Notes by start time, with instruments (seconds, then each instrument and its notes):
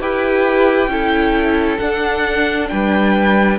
0.00 cello E4, viola G4, violin B4 G5
0.87 cello C#4, viola E4, violin A4
1.78 viola D4, cello D4, violin F#5
2.68 cello G3, violin B4 G5